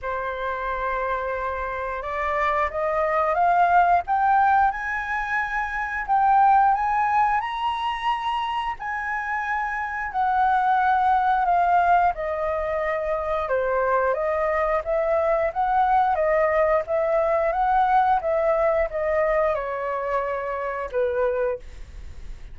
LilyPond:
\new Staff \with { instrumentName = "flute" } { \time 4/4 \tempo 4 = 89 c''2. d''4 | dis''4 f''4 g''4 gis''4~ | gis''4 g''4 gis''4 ais''4~ | ais''4 gis''2 fis''4~ |
fis''4 f''4 dis''2 | c''4 dis''4 e''4 fis''4 | dis''4 e''4 fis''4 e''4 | dis''4 cis''2 b'4 | }